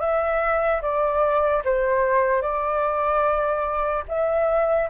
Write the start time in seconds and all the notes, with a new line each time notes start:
0.00 E5
0.82 D5
1.65 C5
2.42 D5
4.08 E5